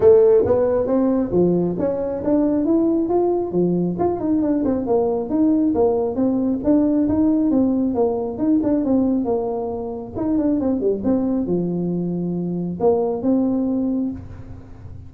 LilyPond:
\new Staff \with { instrumentName = "tuba" } { \time 4/4 \tempo 4 = 136 a4 b4 c'4 f4 | cis'4 d'4 e'4 f'4 | f4 f'8 dis'8 d'8 c'8 ais4 | dis'4 ais4 c'4 d'4 |
dis'4 c'4 ais4 dis'8 d'8 | c'4 ais2 dis'8 d'8 | c'8 g8 c'4 f2~ | f4 ais4 c'2 | }